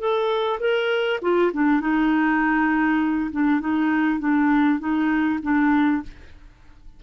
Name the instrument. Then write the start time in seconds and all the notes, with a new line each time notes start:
clarinet
0.00 A4
0.60 A#4
1.22 F4
1.54 D4
1.81 D#4
3.32 D4
3.61 D#4
4.20 D4
4.80 D#4
5.43 D4